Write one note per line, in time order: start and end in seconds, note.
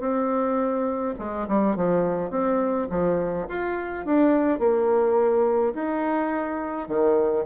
0.00 1.14 C4
1.18 1.47 G#3
1.48 1.76 G3
1.76 2.30 F3
2.30 2.88 C4
2.90 3.47 F3
3.48 4.05 F4
4.05 4.59 D4
4.59 5.74 A#3
5.74 6.88 D#4
6.88 7.45 D#3